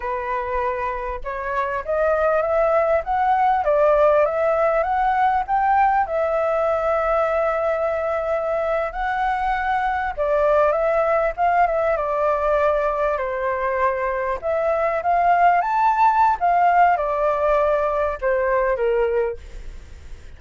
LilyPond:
\new Staff \with { instrumentName = "flute" } { \time 4/4 \tempo 4 = 99 b'2 cis''4 dis''4 | e''4 fis''4 d''4 e''4 | fis''4 g''4 e''2~ | e''2~ e''8. fis''4~ fis''16~ |
fis''8. d''4 e''4 f''8 e''8 d''16~ | d''4.~ d''16 c''2 e''16~ | e''8. f''4 a''4~ a''16 f''4 | d''2 c''4 ais'4 | }